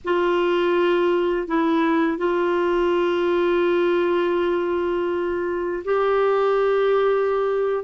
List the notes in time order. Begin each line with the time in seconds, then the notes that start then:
0.04 F4
1.47 E4
2.18 F4
5.84 G4